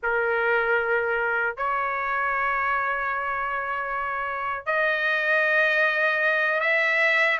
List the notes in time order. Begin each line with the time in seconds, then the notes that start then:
0.02 A#4
1.56 C#5
4.65 D#5
6.60 E5